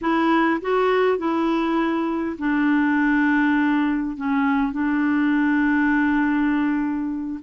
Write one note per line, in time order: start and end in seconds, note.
0.01 0.60 E4
0.61 1.17 F#4
1.17 2.36 E4
2.38 4.16 D4
4.16 4.72 C#4
4.72 7.40 D4